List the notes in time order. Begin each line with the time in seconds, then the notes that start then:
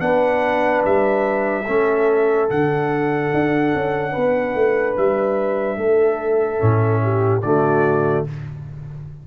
0.00 B3 D4 B4 F#5
0.85 G3 E5
1.66 A3 C#4 A4
2.48 D3 D4 F#5
3.34 D4
3.76 C#4
4.12 B3 B4
4.55 A3
4.97 G3 E5
5.77 A3 A4
6.59 A2 C#4
7.03 G4
7.42 D3 A3 F#4 D5